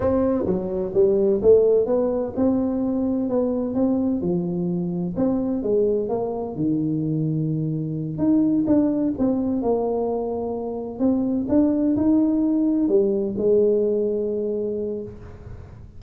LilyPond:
\new Staff \with { instrumentName = "tuba" } { \time 4/4 \tempo 4 = 128 c'4 fis4 g4 a4 | b4 c'2 b4 | c'4 f2 c'4 | gis4 ais4 dis2~ |
dis4. dis'4 d'4 c'8~ | c'8 ais2. c'8~ | c'8 d'4 dis'2 g8~ | g8 gis2.~ gis8 | }